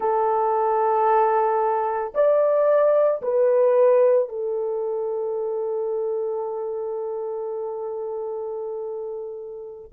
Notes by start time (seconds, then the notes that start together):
0.00 A4
2.14 D5
3.21 B4
4.29 A4